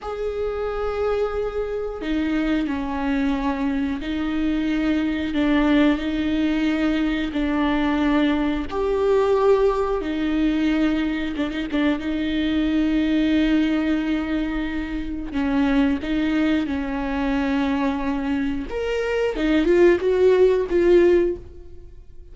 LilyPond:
\new Staff \with { instrumentName = "viola" } { \time 4/4 \tempo 4 = 90 gis'2. dis'4 | cis'2 dis'2 | d'4 dis'2 d'4~ | d'4 g'2 dis'4~ |
dis'4 d'16 dis'16 d'8 dis'2~ | dis'2. cis'4 | dis'4 cis'2. | ais'4 dis'8 f'8 fis'4 f'4 | }